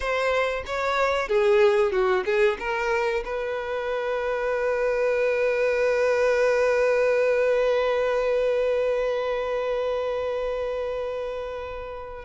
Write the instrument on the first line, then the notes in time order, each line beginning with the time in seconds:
violin
0.00 C5
0.66 C#5
1.28 G#4
1.91 F#4
2.25 G#4
2.59 A#4
3.24 B4